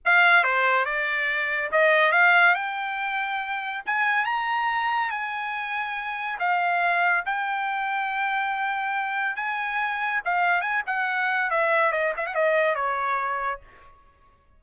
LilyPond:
\new Staff \with { instrumentName = "trumpet" } { \time 4/4 \tempo 4 = 141 f''4 c''4 d''2 | dis''4 f''4 g''2~ | g''4 gis''4 ais''2 | gis''2. f''4~ |
f''4 g''2.~ | g''2 gis''2 | f''4 gis''8 fis''4. e''4 | dis''8 e''16 fis''16 dis''4 cis''2 | }